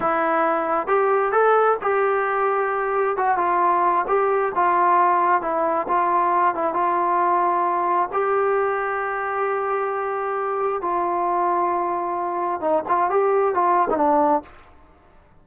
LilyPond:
\new Staff \with { instrumentName = "trombone" } { \time 4/4 \tempo 4 = 133 e'2 g'4 a'4 | g'2. fis'8 f'8~ | f'4 g'4 f'2 | e'4 f'4. e'8 f'4~ |
f'2 g'2~ | g'1 | f'1 | dis'8 f'8 g'4 f'8. dis'16 d'4 | }